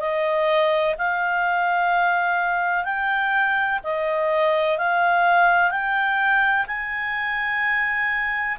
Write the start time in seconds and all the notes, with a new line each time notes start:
0.00 D#5
0.98 F5
2.84 G5
3.84 D#5
4.78 F5
5.71 G5
6.67 G#5